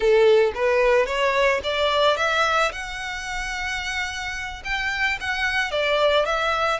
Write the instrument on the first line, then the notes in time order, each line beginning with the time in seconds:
violin
0.00 A4
0.55 B4
1.06 C#5
1.63 D5
2.16 E5
2.71 F#5
4.64 G5
5.20 F#5
5.71 D5
6.25 E5